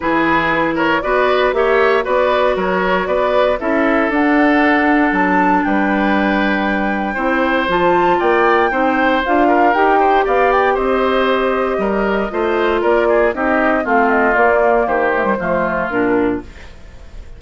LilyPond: <<
  \new Staff \with { instrumentName = "flute" } { \time 4/4 \tempo 4 = 117 b'4. cis''8 d''4 e''4 | d''4 cis''4 d''4 e''4 | fis''2 a''4 g''4~ | g''2. a''4 |
g''2 f''4 g''4 | f''8 g''8 dis''2.~ | dis''4 d''4 dis''4 f''8 dis''8 | d''4 c''2 ais'4 | }
  \new Staff \with { instrumentName = "oboe" } { \time 4/4 gis'4. ais'8 b'4 cis''4 | b'4 ais'4 b'4 a'4~ | a'2. b'4~ | b'2 c''2 |
d''4 c''4. ais'4 c''8 | d''4 c''2 ais'4 | c''4 ais'8 gis'8 g'4 f'4~ | f'4 g'4 f'2 | }
  \new Staff \with { instrumentName = "clarinet" } { \time 4/4 e'2 fis'4 g'4 | fis'2. e'4 | d'1~ | d'2 e'4 f'4~ |
f'4 dis'4 f'4 g'4~ | g'1 | f'2 dis'4 c'4 | ais4. a16 g16 a4 d'4 | }
  \new Staff \with { instrumentName = "bassoon" } { \time 4/4 e2 b4 ais4 | b4 fis4 b4 cis'4 | d'2 fis4 g4~ | g2 c'4 f4 |
ais4 c'4 d'4 dis'4 | b4 c'2 g4 | a4 ais4 c'4 a4 | ais4 dis4 f4 ais,4 | }
>>